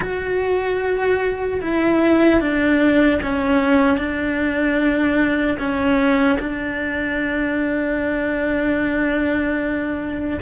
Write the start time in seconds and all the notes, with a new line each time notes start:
0.00 F#4
1.61 E4
2.40 D4
3.22 C#4
3.97 D4
5.58 C#4
6.39 D4